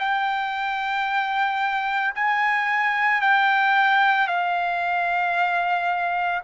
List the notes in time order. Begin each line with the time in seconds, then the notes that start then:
0.00 G5
2.15 G#5
3.22 G5
4.28 F5